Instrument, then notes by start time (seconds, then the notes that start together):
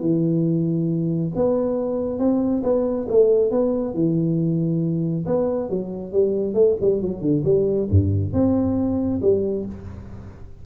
tuba
0.00 E3
1.35 B3
2.18 C4
2.63 B3
3.08 A3
3.51 B3
3.94 E3
5.26 B3
5.69 F#3
6.12 G3
6.54 A3
6.80 G3
7.01 F#3
7.21 D3
7.44 G3
7.90 G2
8.33 C4
9.21 G3